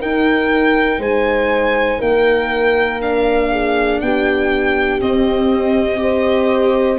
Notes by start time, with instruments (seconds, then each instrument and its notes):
0.00 viola D#4, tuba D#4, horn A#4, violin G5
0.99 tuba G#3, horn C5, violin G#5
1.99 tuba A#3, horn A#4, violin G5
3.01 viola D4, violin F5
3.51 horn G#4
4.01 tuba B3, horn G4, violin G5
5.01 viola C4, tuba C4, violin D#5
5.97 viola G4, horn C5